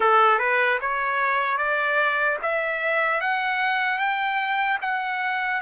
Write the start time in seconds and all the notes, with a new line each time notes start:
0.00 A4
0.38 B4
0.80 C#5
1.57 D5
2.42 E5
3.20 F#5
3.98 G5
4.81 F#5